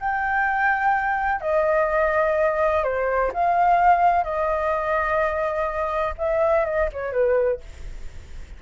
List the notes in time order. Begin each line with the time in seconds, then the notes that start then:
0.00 G5
1.41 D#5
2.84 C5
3.34 F5
4.24 D#5
6.18 E5
6.65 D#5
6.93 C#5
7.12 B4